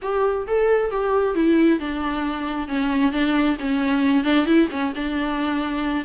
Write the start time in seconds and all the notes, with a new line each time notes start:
0.01 G4
0.47 A4
0.91 G4
1.35 E4
1.79 D4
2.67 C#4
3.12 D4
3.59 C#4
4.24 D4
4.46 E4
4.71 C#4
4.95 D4